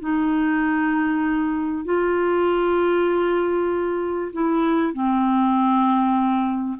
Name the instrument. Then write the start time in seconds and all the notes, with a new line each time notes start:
clarinet
0.00 D#4
1.84 F4
4.33 E4
4.93 C4